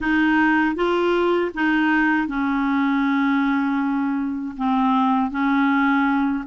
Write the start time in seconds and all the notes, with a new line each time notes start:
0.00 D#4
0.75 F4
1.54 D#4
2.27 C#4
4.57 C4
5.30 C#4